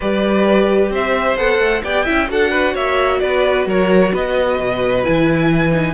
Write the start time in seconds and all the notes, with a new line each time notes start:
0.00 G3 G4 B4 D5
0.90 C4 C5 E5
1.36 B3 A4 F#5
1.58 A3
1.83 B3 G4 D5 G5
2.04 C#4 E4 E5
2.27 D4 F#4 A4 F#5
2.50 B4
2.73 A#3 C#5 E5
3.19 B3 B4 D5
3.66 F#3 A#4 C#5
4.12 B3 B4 D#5
4.59 B2
5.03 E3 E4 G#5
5.72 D#4